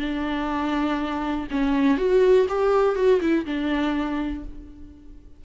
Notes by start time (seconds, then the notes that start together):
0.00 D4
1.51 C#4
1.98 F#4
2.49 G4
2.96 F#4
3.21 E4
3.46 D4